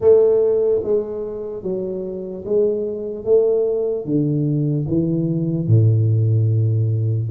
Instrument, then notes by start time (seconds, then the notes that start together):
tuba
0.00 A3
0.83 G#3
1.62 F#3
2.45 G#3
3.24 A3
4.05 D3
4.88 E3
5.67 A2